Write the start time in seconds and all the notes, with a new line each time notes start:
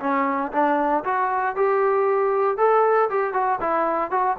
0.00 C#4
0.52 D4
1.04 F#4
1.56 G4
2.57 A4
3.10 G4
3.33 F#4
3.60 E4
4.11 F#4